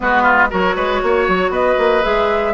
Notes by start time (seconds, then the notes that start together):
0.00 G#3 B3 F#4 B4
0.22 F4
0.50 F#3 F#4 A#4 C#5
0.75 G#3 B4
1.02 A#3 C#5
1.28 F#3
1.49 B3 B4 D#5
1.78 A#3
2.02 G#3 G#4 E5